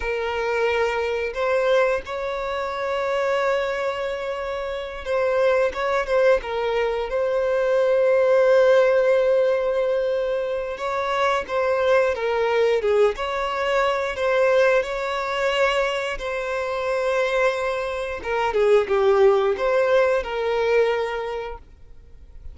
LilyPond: \new Staff \with { instrumentName = "violin" } { \time 4/4 \tempo 4 = 89 ais'2 c''4 cis''4~ | cis''2.~ cis''8 c''8~ | c''8 cis''8 c''8 ais'4 c''4.~ | c''1 |
cis''4 c''4 ais'4 gis'8 cis''8~ | cis''4 c''4 cis''2 | c''2. ais'8 gis'8 | g'4 c''4 ais'2 | }